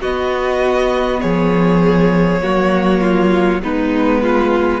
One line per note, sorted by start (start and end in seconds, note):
0.00 1.22 B3
0.00 2.41 B3
0.00 1.20 F#4
0.00 1.21 D#5
1.21 2.43 F3
1.21 2.41 G#4
1.21 3.60 C#5
2.41 3.62 F#3
2.41 3.61 A#3
2.41 3.00 F#4
3.00 3.60 F4
3.62 4.80 G#3
3.62 4.80 B3
3.62 4.22 D#4
3.62 4.80 B4
4.22 4.80 F4